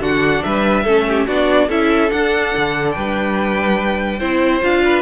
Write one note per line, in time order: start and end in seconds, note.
0.00 0.42 D3
0.00 0.85 D4
0.00 0.44 F#4
0.00 0.43 F#5
0.43 0.85 G3
0.43 0.84 B4
0.43 1.27 E5
0.84 1.27 A3
0.84 1.28 C#4
0.84 1.05 A4
1.09 1.27 G4
1.27 1.69 B3
1.27 1.70 D4
1.27 1.68 F#4
1.27 1.70 D5
1.68 2.11 C#4
1.68 2.10 E4
1.68 2.94 A4
1.68 2.11 E5
2.10 4.19 D4
2.10 2.55 D4
2.10 2.92 F#5
2.57 2.97 D3
2.92 4.21 G3
2.92 4.19 B4
2.92 4.60 G5
4.19 4.63 C4
4.19 4.62 E4
4.19 4.82 C5
4.62 5.02 D4
4.62 5.02 F4
4.62 5.02 F5
4.85 5.02 B4